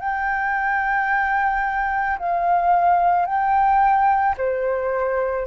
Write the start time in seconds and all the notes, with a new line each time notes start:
0.00 G5
2.19 F5
3.26 G5
4.37 C5